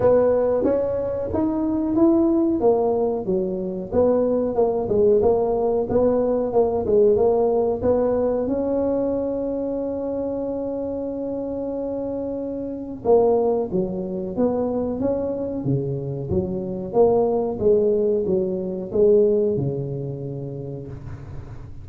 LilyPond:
\new Staff \with { instrumentName = "tuba" } { \time 4/4 \tempo 4 = 92 b4 cis'4 dis'4 e'4 | ais4 fis4 b4 ais8 gis8 | ais4 b4 ais8 gis8 ais4 | b4 cis'2.~ |
cis'1 | ais4 fis4 b4 cis'4 | cis4 fis4 ais4 gis4 | fis4 gis4 cis2 | }